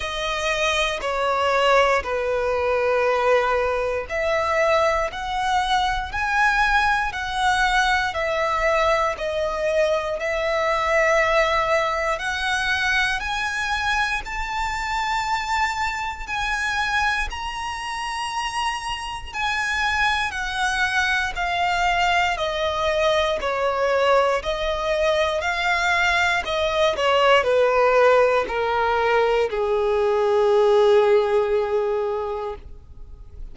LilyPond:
\new Staff \with { instrumentName = "violin" } { \time 4/4 \tempo 4 = 59 dis''4 cis''4 b'2 | e''4 fis''4 gis''4 fis''4 | e''4 dis''4 e''2 | fis''4 gis''4 a''2 |
gis''4 ais''2 gis''4 | fis''4 f''4 dis''4 cis''4 | dis''4 f''4 dis''8 cis''8 b'4 | ais'4 gis'2. | }